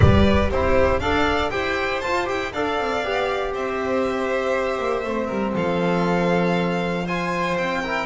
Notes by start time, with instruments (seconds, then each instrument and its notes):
0.00 double bass G3, trombone G4, violin B4 D5
0.50 double bass C4, trombone E4, violin G4 C5
0.99 double bass D4, trombone A4, violin D5 F5
1.50 double bass E4, trombone G4, violin C5 G5
2.00 trombone F4, double bass F4, violin A5
2.25 double bass E4, trombone G4, violin G5
2.52 double bass D4, trombone A4, violin D5 F5
2.78 double bass C4
3.03 double bass B3, trombone G4
3.52 double bass C4, violin C5 E5
4.78 double bass A#3
5.03 double bass A3, trombone C4
5.26 double bass G3, violin A#4
5.54 double bass F3, violin A4 F5
7.04 trombone F4, violin C5 G#5
7.56 double bass C4, violin G5
7.82 trombone E4, violin A#4